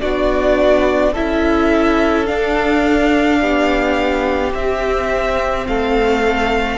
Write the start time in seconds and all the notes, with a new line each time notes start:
0.00 B3 D4 F#4 D5
1.12 C#4 E4 A4 E5
2.26 D4 F5
3.41 B3 G4
4.53 C4 E5
5.67 A3 A4 F5